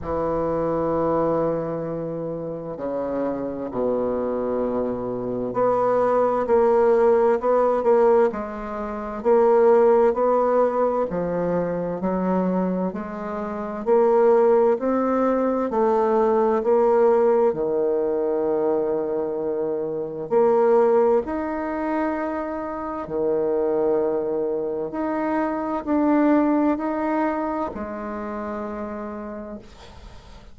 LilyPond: \new Staff \with { instrumentName = "bassoon" } { \time 4/4 \tempo 4 = 65 e2. cis4 | b,2 b4 ais4 | b8 ais8 gis4 ais4 b4 | f4 fis4 gis4 ais4 |
c'4 a4 ais4 dis4~ | dis2 ais4 dis'4~ | dis'4 dis2 dis'4 | d'4 dis'4 gis2 | }